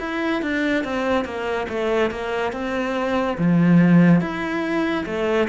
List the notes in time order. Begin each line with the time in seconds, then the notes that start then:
0.00 E4
0.42 D4
0.84 C4
1.25 A#3
1.69 A3
2.11 A#3
2.53 C4
3.38 F3
4.21 E4
5.06 A3